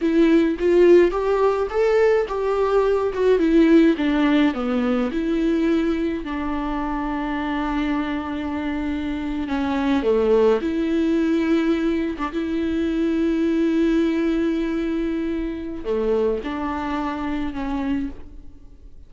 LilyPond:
\new Staff \with { instrumentName = "viola" } { \time 4/4 \tempo 4 = 106 e'4 f'4 g'4 a'4 | g'4. fis'8 e'4 d'4 | b4 e'2 d'4~ | d'1~ |
d'8. cis'4 a4 e'4~ e'16~ | e'4. d'16 e'2~ e'16~ | e'1 | a4 d'2 cis'4 | }